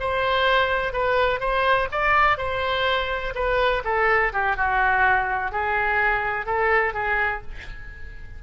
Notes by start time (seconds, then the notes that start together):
0.00 C5
0.93 B4
1.40 C5
1.92 D5
2.38 C5
3.35 B4
3.85 A4
4.33 G4
4.56 F#4
5.52 G#4
6.46 A4
6.93 G#4